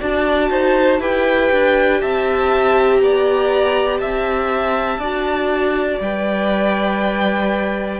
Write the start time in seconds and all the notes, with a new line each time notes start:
0.00 D4 F#4 D5 A5
0.50 D#4 C5
1.00 E4 G4 B4 G5
1.52 D4
2.01 C4 E5 A5
2.98 B3 D5 A#5
3.99 C4 E5 A5
4.99 D4 F#4 D5
6.00 G3 B4 G5